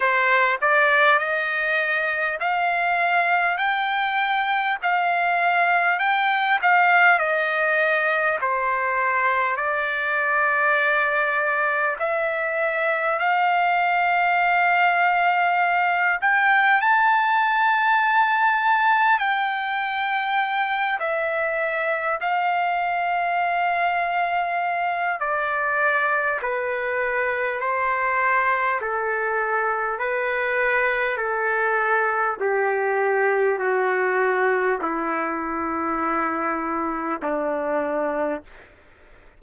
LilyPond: \new Staff \with { instrumentName = "trumpet" } { \time 4/4 \tempo 4 = 50 c''8 d''8 dis''4 f''4 g''4 | f''4 g''8 f''8 dis''4 c''4 | d''2 e''4 f''4~ | f''4. g''8 a''2 |
g''4. e''4 f''4.~ | f''4 d''4 b'4 c''4 | a'4 b'4 a'4 g'4 | fis'4 e'2 d'4 | }